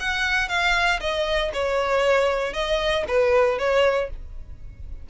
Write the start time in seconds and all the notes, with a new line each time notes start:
0.00 F#5
0.49 F5
1.01 D#5
1.54 C#5
2.54 D#5
3.08 B4
3.59 C#5